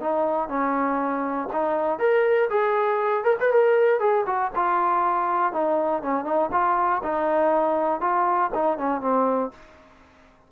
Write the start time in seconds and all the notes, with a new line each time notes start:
0.00 D#4
0.49 C#4
1.53 D#4
1.99 A#4
2.50 G#4
3.24 A#4
3.40 B4
3.53 A#4
4.00 G#4
4.26 F#4
4.55 F4
5.52 D#4
6.02 C#4
6.25 D#4
6.52 F4
7.03 D#4
8.01 F4
8.54 D#4
8.78 C#4
9.01 C4